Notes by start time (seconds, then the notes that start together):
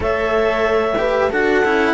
0.00 A3 A4 C#5 E5
0.98 G4 B4
1.29 D4 F#4 A4 F#5
1.64 C#4 E4